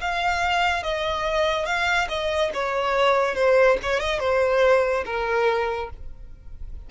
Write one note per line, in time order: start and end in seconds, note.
0.00 0.83 F5
0.83 1.65 D#5
1.65 2.07 F5
2.08 2.50 D#5
2.54 3.35 C#5
3.35 3.77 C5
3.82 3.99 C#5
3.99 4.19 D#5
4.19 5.04 C5
5.05 5.89 A#4